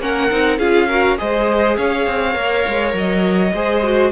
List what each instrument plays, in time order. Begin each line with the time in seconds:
0.00 cello A#3, viola C#4, violin A#4 F#5
0.30 cello C4, viola D#4
0.58 cello C#4, viola F4, violin G#4 F5
0.87 viola F#4, violin A#4
1.17 cello G#3, viola G#4, violin C5 D#5
1.76 cello C#4, violin C#5 F5
2.06 cello C4
2.33 cello A#3, viola A#4
2.67 cello G#3
2.93 cello F#3, violin D#5
3.53 cello G#3, viola G#4, violin C5
3.83 viola F#4